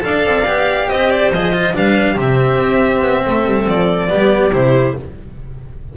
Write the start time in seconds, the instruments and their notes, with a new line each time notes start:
0.00 double bass D4, cello A4, clarinet D5, violin F5
0.25 double bass C4
0.46 double bass B3, cello G4
0.88 double bass C4, clarinet C5, violin D#5
1.10 violin D5
1.31 double bass F3, cello G#4, violin D#5
1.52 cello F4
1.73 double bass G3, cello D4, clarinet B4, violin F5
2.15 double bass C3, cello C4, clarinet G4, violin E5
2.57 double bass C4
3.00 double bass B3
3.26 double bass A3, clarinet A4
3.45 double bass G3
3.67 double bass F3, violin D5
4.08 double bass G3, cello B3, clarinet G4
4.51 double bass C3, cello E4, violin C5